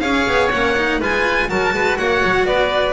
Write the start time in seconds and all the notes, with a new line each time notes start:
0.00 C#4 G#4 C#5 F5
0.28 B3
0.52 A#3 C#4 F#5
0.78 D#4
1.00 G#3 F4 B4 G#5
1.49 F#3 F#4 A#4 A5
1.73 G#3 B4
1.98 A#3 C#5 F#5
2.24 F#3
2.45 B3 B4 D5